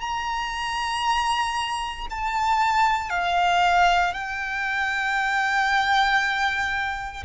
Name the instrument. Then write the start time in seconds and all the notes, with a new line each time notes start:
violin
0.00 A#5
2.10 A5
3.10 F5
4.13 G5